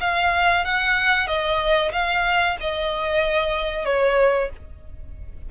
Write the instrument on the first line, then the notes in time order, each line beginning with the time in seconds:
violin
0.00 F5
0.65 F#5
1.27 D#5
1.92 F5
2.60 D#5
3.85 C#5